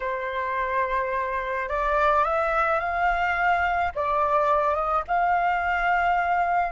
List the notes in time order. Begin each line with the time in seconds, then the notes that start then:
0.00 C5
1.68 D5
2.24 E5
2.80 F5
3.95 D5
4.74 D#5
5.07 F5